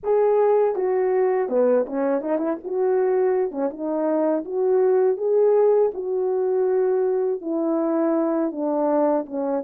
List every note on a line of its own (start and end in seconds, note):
0.03 0.75 G#4
0.75 1.48 F#4
1.48 1.85 B3
1.86 2.21 C#4
2.21 2.38 D#4
2.38 2.56 E4
2.64 3.51 F#4
3.51 3.69 C#4
3.70 4.44 D#4
4.44 5.17 F#4
5.17 5.91 G#4
5.94 7.41 F#4
7.41 8.51 E4
8.51 9.25 D4
9.26 9.63 C#4